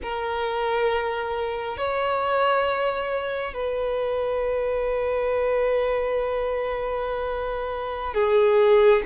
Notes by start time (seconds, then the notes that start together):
0.02 A#4
1.76 C#5
3.53 B4
8.14 G#4